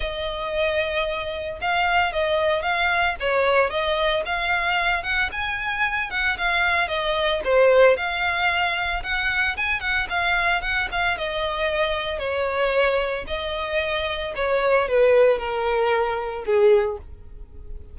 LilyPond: \new Staff \with { instrumentName = "violin" } { \time 4/4 \tempo 4 = 113 dis''2. f''4 | dis''4 f''4 cis''4 dis''4 | f''4. fis''8 gis''4. fis''8 | f''4 dis''4 c''4 f''4~ |
f''4 fis''4 gis''8 fis''8 f''4 | fis''8 f''8 dis''2 cis''4~ | cis''4 dis''2 cis''4 | b'4 ais'2 gis'4 | }